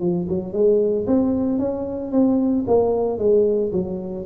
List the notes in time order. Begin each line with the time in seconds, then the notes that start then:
0.00 F3
0.29 F#3
0.53 G#3
1.07 C4
1.59 C#4
2.12 C4
2.67 A#3
3.18 G#3
3.72 F#3